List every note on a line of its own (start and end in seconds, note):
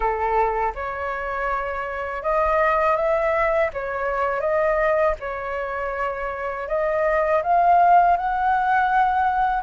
0.00 0.73 A4
0.74 2.22 C#5
2.22 2.96 D#5
2.96 3.70 E5
3.73 4.40 C#5
4.40 5.14 D#5
5.20 6.68 C#5
6.68 7.42 D#5
7.42 8.16 F5
8.16 9.62 F#5